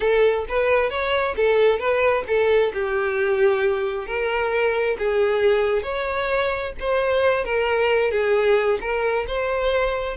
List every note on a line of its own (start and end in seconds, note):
0.00 0.45 A4
0.48 0.90 B4
0.90 1.35 C#5
1.36 1.79 A4
1.79 2.24 B4
2.27 2.72 A4
2.73 4.06 G4
4.06 4.96 A#4
4.98 5.82 G#4
5.82 6.72 C#5
6.80 7.44 C5
7.44 8.11 A#4
8.11 8.78 G#4
8.80 9.25 A#4
9.27 10.16 C5